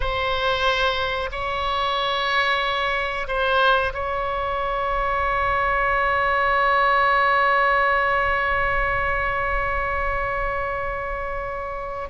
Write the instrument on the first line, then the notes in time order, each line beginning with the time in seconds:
oboe
0.00 C5
1.31 C#5
3.27 C5
3.93 C#5